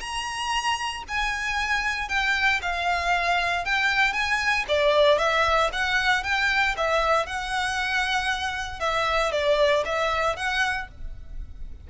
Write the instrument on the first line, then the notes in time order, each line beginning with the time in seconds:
violin
0.00 A#5
1.08 G#5
2.09 G5
2.62 F5
3.65 G5
4.13 G#5
4.68 D5
5.18 E5
5.72 F#5
6.24 G5
6.77 E5
7.26 F#5
8.80 E5
9.32 D5
9.85 E5
10.36 F#5